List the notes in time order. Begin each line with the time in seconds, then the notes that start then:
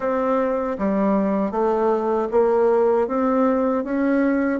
0.00 C4
0.78 G3
1.51 A3
2.31 A#3
3.07 C4
3.84 C#4